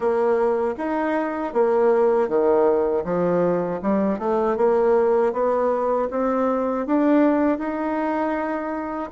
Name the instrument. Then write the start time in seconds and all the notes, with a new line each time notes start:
bassoon
0.00 A#3
0.77 D#4
1.53 A#3
2.28 D#3
3.04 F3
3.82 G3
4.18 A3
4.56 A#3
5.32 B3
6.10 C4
6.86 D4
7.58 D#4